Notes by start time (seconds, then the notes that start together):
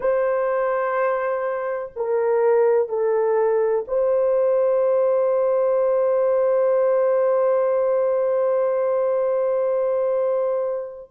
0.00 C5
1.96 A#4
2.88 A4
3.87 C5